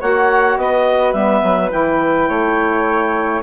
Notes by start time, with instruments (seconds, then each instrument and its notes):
0.00 bassoon A#3, saxophone F#4, flute C#5, clarinet F#5
0.57 bassoon B3, flute B4, clarinet D#5
1.13 bassoon G3, saxophone B3, clarinet E5
1.42 bassoon F#3
1.69 bassoon E3, saxophone E4, clarinet G5
2.28 bassoon A3, flute C#5